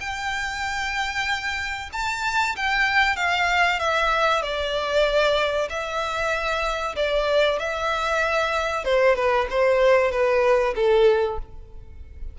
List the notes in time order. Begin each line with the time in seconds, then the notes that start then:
0.00 G5
1.92 A5
2.56 G5
3.16 F5
3.79 E5
4.42 D5
5.69 E5
6.96 D5
7.59 E5
8.84 C5
9.16 B4
9.50 C5
10.11 B4
10.75 A4